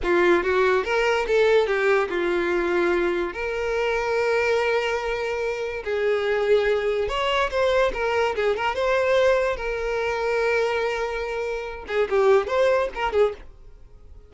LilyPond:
\new Staff \with { instrumentName = "violin" } { \time 4/4 \tempo 4 = 144 f'4 fis'4 ais'4 a'4 | g'4 f'2. | ais'1~ | ais'2 gis'2~ |
gis'4 cis''4 c''4 ais'4 | gis'8 ais'8 c''2 ais'4~ | ais'1~ | ais'8 gis'8 g'4 c''4 ais'8 gis'8 | }